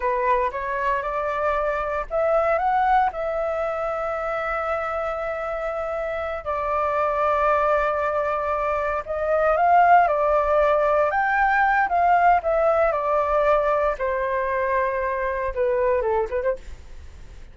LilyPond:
\new Staff \with { instrumentName = "flute" } { \time 4/4 \tempo 4 = 116 b'4 cis''4 d''2 | e''4 fis''4 e''2~ | e''1~ | e''8 d''2.~ d''8~ |
d''4. dis''4 f''4 d''8~ | d''4. g''4. f''4 | e''4 d''2 c''4~ | c''2 b'4 a'8 b'16 c''16 | }